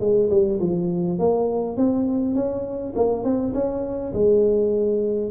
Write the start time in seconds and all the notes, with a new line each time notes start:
0.00 G#3
0.30 G3
0.60 F3
1.19 A#3
1.77 C4
2.35 C#4
2.96 A#3
3.24 C4
3.54 C#4
4.13 G#3